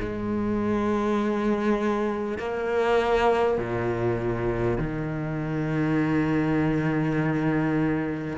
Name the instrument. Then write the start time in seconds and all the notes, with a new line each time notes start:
cello
0.00 G#3
2.39 A#3
3.59 A#2
4.78 D#3